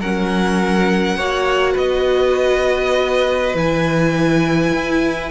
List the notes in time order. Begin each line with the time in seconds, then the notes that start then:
0.00 F#3 C#4 A#4 F#5
1.16 A#3 F#4 C#5
1.73 B3 B4 D#5
3.55 E3 E4 G#5
4.74 E4